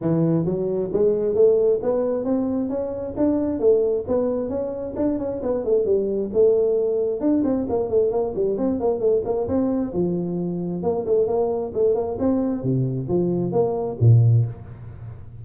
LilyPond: \new Staff \with { instrumentName = "tuba" } { \time 4/4 \tempo 4 = 133 e4 fis4 gis4 a4 | b4 c'4 cis'4 d'4 | a4 b4 cis'4 d'8 cis'8 | b8 a8 g4 a2 |
d'8 c'8 ais8 a8 ais8 g8 c'8 ais8 | a8 ais8 c'4 f2 | ais8 a8 ais4 a8 ais8 c'4 | c4 f4 ais4 ais,4 | }